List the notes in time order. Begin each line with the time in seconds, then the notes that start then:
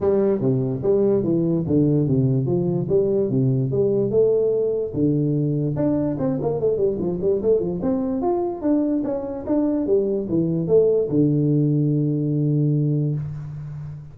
0.01 G3
0.40 C3
0.82 G3
1.23 E3
1.66 D3
2.07 C3
2.46 F3
2.88 G3
3.30 C3
3.71 G3
4.10 A3
4.93 D3
5.75 D4
6.18 C4
6.41 A#3
6.60 A3
6.77 G3
6.99 F3
7.21 G3
7.42 A3
7.60 F3
7.81 C4
8.21 F4
8.61 D4
9.04 C#4
9.46 D4
9.86 G3
10.29 E3
10.67 A3
11.09 D3